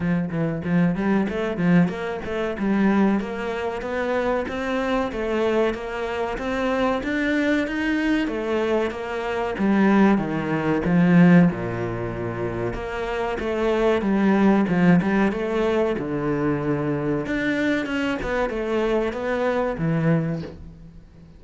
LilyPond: \new Staff \with { instrumentName = "cello" } { \time 4/4 \tempo 4 = 94 f8 e8 f8 g8 a8 f8 ais8 a8 | g4 ais4 b4 c'4 | a4 ais4 c'4 d'4 | dis'4 a4 ais4 g4 |
dis4 f4 ais,2 | ais4 a4 g4 f8 g8 | a4 d2 d'4 | cis'8 b8 a4 b4 e4 | }